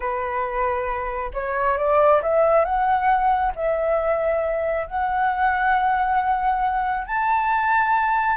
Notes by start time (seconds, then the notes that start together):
0.00 B4
1.33 C#5
1.77 D5
2.22 E5
2.64 F#5
3.55 E5
4.87 F#5
7.06 A5